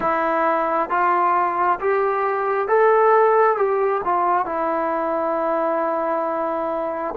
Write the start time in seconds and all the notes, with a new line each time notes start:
0.00 E4
0.89 F4
1.80 G4
2.67 A4
3.57 G4
4.04 F4
4.45 E4